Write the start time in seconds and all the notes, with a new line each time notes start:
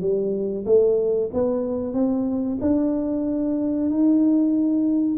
0.00 G3
0.65 A3
1.33 B3
1.93 C4
2.61 D4
3.90 D#4